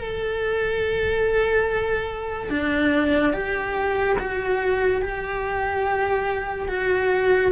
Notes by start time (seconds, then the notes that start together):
0.00 A4
2.49 D4
3.33 G4
4.18 F#4
5.01 G4
6.68 F#4